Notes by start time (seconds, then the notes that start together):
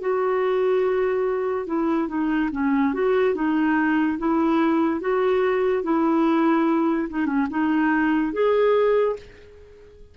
0.00 F#4
1.66 E4
2.08 D#4
2.52 C#4
2.93 F#4
3.34 D#4
4.18 E4
5.00 F#4
5.83 E4
7.09 D#4
7.26 C#4
7.50 D#4
8.32 G#4